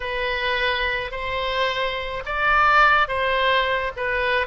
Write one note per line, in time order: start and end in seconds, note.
0.00 1.11 B4
1.11 2.23 C5
2.25 3.07 D5
3.07 3.92 C5
3.96 4.46 B4